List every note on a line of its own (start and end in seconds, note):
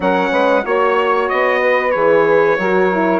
0.00 0.29 F#3
0.00 0.63 C#4
0.00 0.30 A#4
0.00 0.65 F#5
0.30 0.64 G#3
0.30 0.63 B4
0.63 1.29 A#3
0.63 1.92 F#4
0.63 1.29 C#5
0.63 1.61 C#5
1.29 1.95 B3
1.29 1.91 D#5
1.61 2.58 B4
1.91 2.58 E3
1.91 2.58 G#4
1.91 3.19 C#5
2.58 3.19 F#3
2.58 2.92 F#4
2.58 3.19 A#4
2.92 3.19 E4